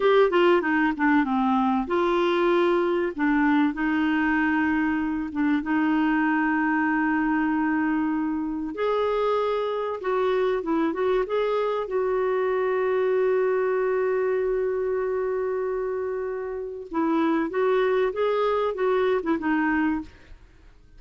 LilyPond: \new Staff \with { instrumentName = "clarinet" } { \time 4/4 \tempo 4 = 96 g'8 f'8 dis'8 d'8 c'4 f'4~ | f'4 d'4 dis'2~ | dis'8 d'8 dis'2.~ | dis'2 gis'2 |
fis'4 e'8 fis'8 gis'4 fis'4~ | fis'1~ | fis'2. e'4 | fis'4 gis'4 fis'8. e'16 dis'4 | }